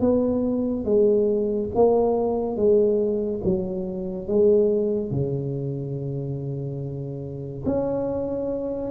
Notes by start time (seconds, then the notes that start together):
0.00 B3
0.85 G#3
1.74 A#3
2.56 G#3
3.43 F#3
4.28 G#3
5.10 C#3
7.66 C#4